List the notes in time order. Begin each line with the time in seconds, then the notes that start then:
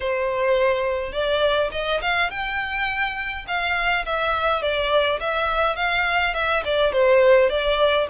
0.00 C5
1.12 D5
1.72 D#5
2.01 F5
2.30 G5
3.47 F5
4.05 E5
4.62 D5
5.19 E5
5.76 F5
6.34 E5
6.65 D5
6.92 C5
7.49 D5